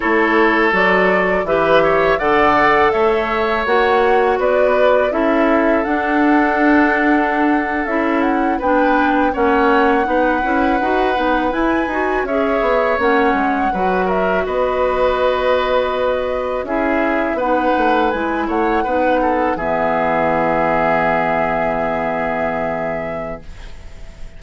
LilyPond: <<
  \new Staff \with { instrumentName = "flute" } { \time 4/4 \tempo 4 = 82 cis''4 d''4 e''4 fis''4 | e''4 fis''4 d''4 e''4 | fis''2~ fis''8. e''8 fis''8 g''16~ | g''8. fis''2. gis''16~ |
gis''8. e''4 fis''4. e''8 dis''16~ | dis''2~ dis''8. e''4 fis''16~ | fis''8. gis''8 fis''4. e''4~ e''16~ | e''1 | }
  \new Staff \with { instrumentName = "oboe" } { \time 4/4 a'2 b'8 cis''8 d''4 | cis''2 b'4 a'4~ | a'2.~ a'8. b'16~ | b'8. cis''4 b'2~ b'16~ |
b'8. cis''2 b'8 ais'8 b'16~ | b'2~ b'8. gis'4 b'16~ | b'4~ b'16 cis''8 b'8 a'8 gis'4~ gis'16~ | gis'1 | }
  \new Staff \with { instrumentName = "clarinet" } { \time 4/4 e'4 fis'4 g'4 a'4~ | a'4 fis'2 e'4 | d'2~ d'8. e'4 d'16~ | d'8. cis'4 dis'8 e'8 fis'8 dis'8 e'16~ |
e'16 fis'8 gis'4 cis'4 fis'4~ fis'16~ | fis'2~ fis'8. e'4 dis'16~ | dis'8. e'4 dis'4 b4~ b16~ | b1 | }
  \new Staff \with { instrumentName = "bassoon" } { \time 4/4 a4 fis4 e4 d4 | a4 ais4 b4 cis'4 | d'2~ d'8. cis'4 b16~ | b8. ais4 b8 cis'8 dis'8 b8 e'16~ |
e'16 dis'8 cis'8 b8 ais8 gis8 fis4 b16~ | b2~ b8. cis'4 b16~ | b16 a8 gis8 a8 b4 e4~ e16~ | e1 | }
>>